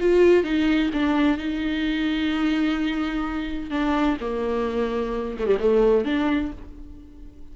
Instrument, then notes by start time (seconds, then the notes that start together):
viola
0.00 F4
0.43 D#4
0.93 D4
1.38 D#4
3.70 D4
4.20 A#3
5.39 A3
5.46 G3
5.60 A3
6.05 D4